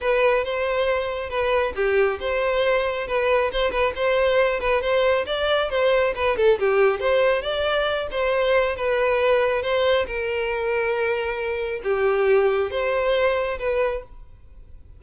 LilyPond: \new Staff \with { instrumentName = "violin" } { \time 4/4 \tempo 4 = 137 b'4 c''2 b'4 | g'4 c''2 b'4 | c''8 b'8 c''4. b'8 c''4 | d''4 c''4 b'8 a'8 g'4 |
c''4 d''4. c''4. | b'2 c''4 ais'4~ | ais'2. g'4~ | g'4 c''2 b'4 | }